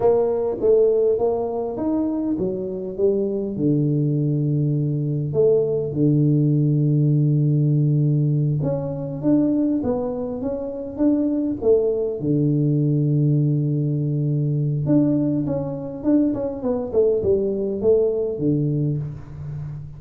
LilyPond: \new Staff \with { instrumentName = "tuba" } { \time 4/4 \tempo 4 = 101 ais4 a4 ais4 dis'4 | fis4 g4 d2~ | d4 a4 d2~ | d2~ d8 cis'4 d'8~ |
d'8 b4 cis'4 d'4 a8~ | a8 d2.~ d8~ | d4 d'4 cis'4 d'8 cis'8 | b8 a8 g4 a4 d4 | }